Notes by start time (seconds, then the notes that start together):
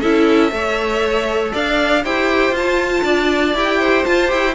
0.00 C#4 E4 A4 E5
0.50 A3 A4 C#5
1.53 D4 D5 F5
2.03 E4 G4 C5 G5
2.51 F4 A5
3.03 D4 D5
3.54 E4 G4 G5
3.79 C5
4.05 F4 A5
4.28 E4 G4 G5